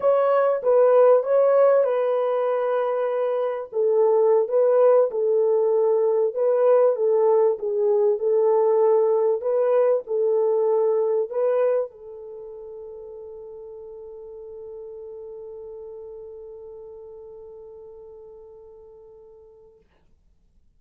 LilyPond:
\new Staff \with { instrumentName = "horn" } { \time 4/4 \tempo 4 = 97 cis''4 b'4 cis''4 b'4~ | b'2 a'4~ a'16 b'8.~ | b'16 a'2 b'4 a'8.~ | a'16 gis'4 a'2 b'8.~ |
b'16 a'2 b'4 a'8.~ | a'1~ | a'1~ | a'1 | }